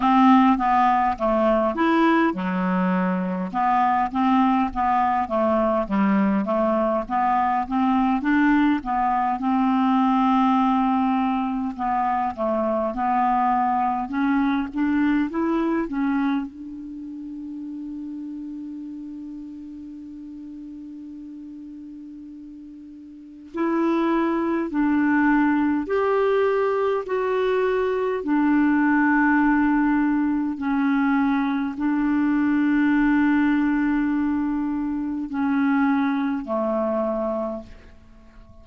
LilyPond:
\new Staff \with { instrumentName = "clarinet" } { \time 4/4 \tempo 4 = 51 c'8 b8 a8 e'8 fis4 b8 c'8 | b8 a8 g8 a8 b8 c'8 d'8 b8 | c'2 b8 a8 b4 | cis'8 d'8 e'8 cis'8 d'2~ |
d'1 | e'4 d'4 g'4 fis'4 | d'2 cis'4 d'4~ | d'2 cis'4 a4 | }